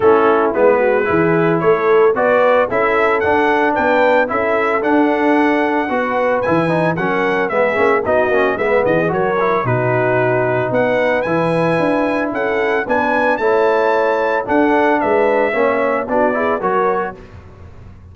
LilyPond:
<<
  \new Staff \with { instrumentName = "trumpet" } { \time 4/4 \tempo 4 = 112 a'4 b'2 cis''4 | d''4 e''4 fis''4 g''4 | e''4 fis''2. | gis''4 fis''4 e''4 dis''4 |
e''8 dis''8 cis''4 b'2 | fis''4 gis''2 fis''4 | gis''4 a''2 fis''4 | e''2 d''4 cis''4 | }
  \new Staff \with { instrumentName = "horn" } { \time 4/4 e'4. fis'8 gis'4 a'4 | b'4 a'2 b'4 | a'2. b'4~ | b'4 ais'4 gis'4 fis'4 |
b'8 gis'8 ais'4 fis'2 | b'2. a'4 | b'4 cis''2 a'4 | b'4 cis''4 fis'8 gis'8 ais'4 | }
  \new Staff \with { instrumentName = "trombone" } { \time 4/4 cis'4 b4 e'2 | fis'4 e'4 d'2 | e'4 d'2 fis'4 | e'8 dis'8 cis'4 b8 cis'8 dis'8 cis'8 |
b4 fis'8 e'8 dis'2~ | dis'4 e'2. | d'4 e'2 d'4~ | d'4 cis'4 d'8 e'8 fis'4 | }
  \new Staff \with { instrumentName = "tuba" } { \time 4/4 a4 gis4 e4 a4 | b4 cis'4 d'4 b4 | cis'4 d'2 b4 | e4 fis4 gis8 ais8 b8 ais8 |
gis8 e8 fis4 b,2 | b4 e4 d'4 cis'4 | b4 a2 d'4 | gis4 ais4 b4 fis4 | }
>>